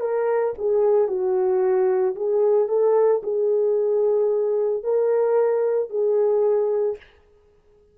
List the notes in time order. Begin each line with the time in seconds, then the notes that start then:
0.00 A#4
0.58 G#4
1.08 F#4
2.15 G#4
2.68 A4
3.23 G#4
4.84 A#4
5.90 G#4